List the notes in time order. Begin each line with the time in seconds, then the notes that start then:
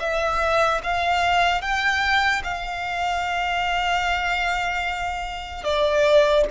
0.00 E5
0.83 F5
1.61 G5
2.44 F5
5.64 D5